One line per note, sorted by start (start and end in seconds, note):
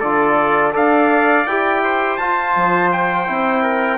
0.00 0.75 D3
0.00 0.72 F4
0.00 0.72 A4
0.00 0.73 D5
0.72 1.47 D4
0.72 1.44 A4
0.72 1.82 D5
0.72 1.47 F5
1.47 2.19 E4
1.47 2.20 G4
1.47 2.18 G5
1.84 3.63 C5
2.18 2.55 F4
2.18 3.27 F4
2.18 2.90 A5
2.56 3.29 F3
2.92 3.98 G5
3.27 3.98 C4
3.27 3.98 E4
3.63 3.98 A#4